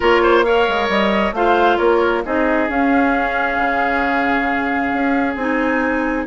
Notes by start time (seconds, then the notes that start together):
0.00 A#3 F4 A#4 C#5
0.22 C5
0.43 A#4 C#5 F5
0.68 G#3
0.88 G3 D#5
1.32 A3 F4 C5 F5
1.77 A#3 A#4 C#5
2.24 C4 D#4 G#4 D#5
2.68 C#4 F5
3.57 C#3
4.93 C#4
5.35 C4 D#4 G#5